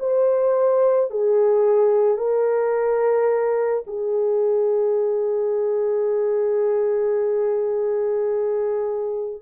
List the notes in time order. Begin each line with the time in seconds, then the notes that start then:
0.00 C5
1.11 G#4
2.18 A#4
3.87 G#4